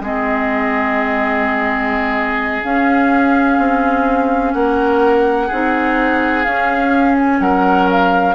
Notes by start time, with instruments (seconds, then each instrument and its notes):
0.00 bassoon G#3, clarinet C4, oboe G#4, flute D#5
2.63 clarinet C#4, bassoon C#4, flute F5
3.59 bassoon C4
4.54 bassoon A#3, oboe A#4, flute F#5
5.47 bassoon C4, clarinet D#4, oboe G#4
6.44 clarinet C#4, bassoon C#4, flute F5
7.19 flute G#5
7.40 bassoon F#3, oboe A#4, flute F#5
7.91 flute F5